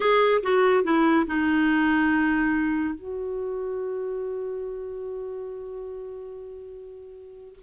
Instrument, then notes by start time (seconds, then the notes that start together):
clarinet
0.00 G#4
0.42 F#4
0.84 E4
1.27 D#4
2.94 F#4